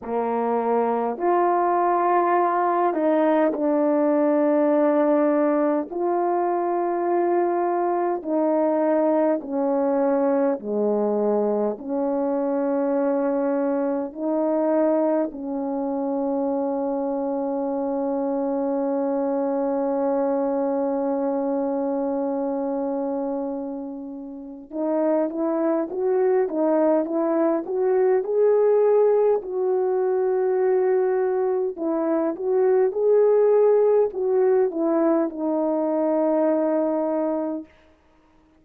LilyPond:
\new Staff \with { instrumentName = "horn" } { \time 4/4 \tempo 4 = 51 ais4 f'4. dis'8 d'4~ | d'4 f'2 dis'4 | cis'4 gis4 cis'2 | dis'4 cis'2.~ |
cis'1~ | cis'4 dis'8 e'8 fis'8 dis'8 e'8 fis'8 | gis'4 fis'2 e'8 fis'8 | gis'4 fis'8 e'8 dis'2 | }